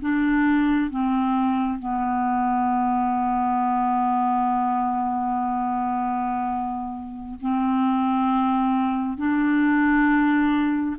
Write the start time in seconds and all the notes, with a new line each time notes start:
0.00 D4
0.90 C4
1.79 B3
7.41 C4
9.17 D4